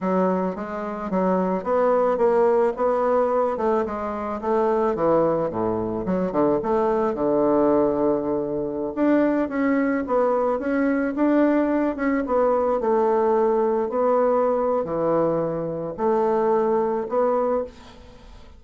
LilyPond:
\new Staff \with { instrumentName = "bassoon" } { \time 4/4 \tempo 4 = 109 fis4 gis4 fis4 b4 | ais4 b4. a8 gis4 | a4 e4 a,4 fis8 d8 | a4 d2.~ |
d16 d'4 cis'4 b4 cis'8.~ | cis'16 d'4. cis'8 b4 a8.~ | a4~ a16 b4.~ b16 e4~ | e4 a2 b4 | }